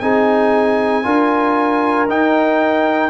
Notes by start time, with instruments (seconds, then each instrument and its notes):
0.00 tuba C4, trombone D#4, horn G#4, trumpet G#5
1.03 tuba D4, trombone F4, horn A#4
2.09 tuba D#4, trombone D#4, trumpet G5